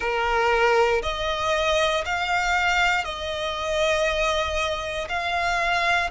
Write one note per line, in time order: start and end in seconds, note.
0.00 1.02 A#4
1.02 2.04 D#5
2.05 3.04 F5
3.04 5.08 D#5
5.08 6.10 F5